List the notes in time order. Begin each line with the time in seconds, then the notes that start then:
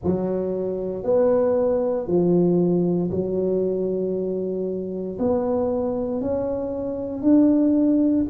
0.03 F#3
1.03 B3
2.07 F3
3.10 F#3
5.19 B3
6.21 C#4
7.21 D4